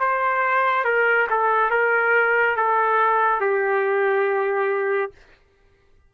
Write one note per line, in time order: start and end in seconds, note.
0.00 0.85 C5
0.85 1.28 A#4
1.30 1.71 A4
1.71 2.56 A#4
2.57 3.41 A4
3.41 5.12 G4